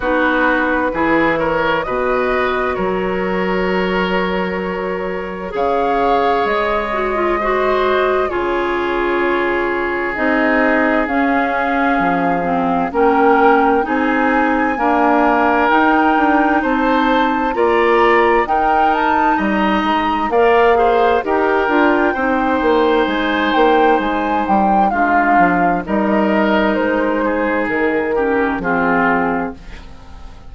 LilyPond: <<
  \new Staff \with { instrumentName = "flute" } { \time 4/4 \tempo 4 = 65 b'4. cis''8 dis''4 cis''4~ | cis''2 f''4 dis''4~ | dis''4 cis''2 dis''4 | f''2 g''4 gis''4~ |
gis''4 g''4 a''4 ais''4 | g''8 a''8 ais''4 f''4 g''4~ | g''4 gis''8 g''8 gis''8 g''8 f''4 | dis''4 c''4 ais'4 gis'4 | }
  \new Staff \with { instrumentName = "oboe" } { \time 4/4 fis'4 gis'8 ais'8 b'4 ais'4~ | ais'2 cis''2 | c''4 gis'2.~ | gis'2 ais'4 gis'4 |
ais'2 c''4 d''4 | ais'4 dis''4 d''8 c''8 ais'4 | c''2. f'4 | ais'4. gis'4 g'8 f'4 | }
  \new Staff \with { instrumentName = "clarinet" } { \time 4/4 dis'4 e'4 fis'2~ | fis'2 gis'4. fis'16 f'16 | fis'4 f'2 dis'4 | cis'4. c'8 cis'4 dis'4 |
ais4 dis'2 f'4 | dis'2 ais'8 gis'8 g'8 f'8 | dis'2. d'4 | dis'2~ dis'8 cis'8 c'4 | }
  \new Staff \with { instrumentName = "bassoon" } { \time 4/4 b4 e4 b,4 fis4~ | fis2 cis4 gis4~ | gis4 cis2 c'4 | cis'4 f4 ais4 c'4 |
d'4 dis'8 d'8 c'4 ais4 | dis'4 g8 gis8 ais4 dis'8 d'8 | c'8 ais8 gis8 ais8 gis8 g8 gis8 f8 | g4 gis4 dis4 f4 | }
>>